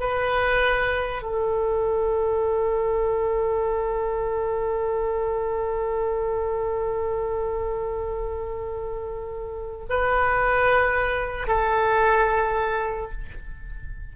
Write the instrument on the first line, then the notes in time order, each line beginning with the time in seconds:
oboe
0.00 B4
1.22 A4
9.89 B4
11.47 A4